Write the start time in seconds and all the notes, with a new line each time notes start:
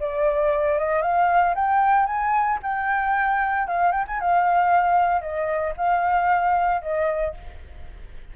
0.00 D5
0.79 D#5
1.02 F5
1.56 G5
2.07 G#5
2.63 G5
3.68 F5
3.92 G5
4.08 G#5
4.21 F5
5.22 D#5
5.77 F5
6.82 D#5